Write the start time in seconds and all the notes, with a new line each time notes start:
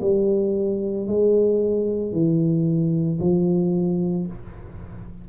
0.00 G3
1.07 G#3
2.12 E3
3.19 F3